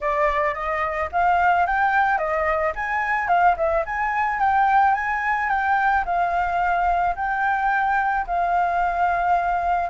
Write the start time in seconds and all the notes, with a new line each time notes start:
0.01 D5
0.54 D#5
1.12 F5
1.66 G5
2.17 D#5
2.75 G#5
3.28 F5
3.57 E5
3.85 G#5
4.39 G5
4.94 G#5
5.49 G5
6.05 F5
7.15 G5
8.26 F5